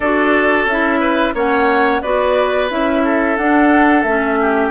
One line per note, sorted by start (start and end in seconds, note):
0.00 0.65 D4
0.00 0.70 F#4
0.00 0.99 A4
0.00 0.67 D5
0.65 1.32 C#4
0.65 1.34 E4
0.65 1.35 E5
0.99 1.33 B4
1.33 2.01 A#3
1.33 2.02 C#4
1.33 2.02 C#5
1.33 2.02 F#5
2.02 2.70 B3
2.02 2.69 F#4
2.02 3.03 B4
2.02 2.69 D5
2.69 3.37 C#4
2.69 3.37 E4
2.69 3.36 E5
3.04 4.39 A4
3.36 4.04 D4
3.36 4.07 D4
3.36 4.02 F#5
4.02 4.71 A3
4.02 4.71 C#4
4.02 4.69 E5
4.40 4.71 G4